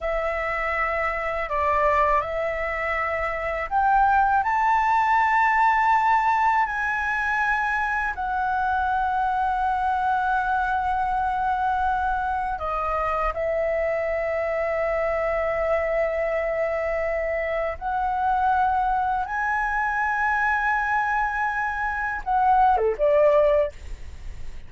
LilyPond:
\new Staff \with { instrumentName = "flute" } { \time 4/4 \tempo 4 = 81 e''2 d''4 e''4~ | e''4 g''4 a''2~ | a''4 gis''2 fis''4~ | fis''1~ |
fis''4 dis''4 e''2~ | e''1 | fis''2 gis''2~ | gis''2 fis''8. a'16 d''4 | }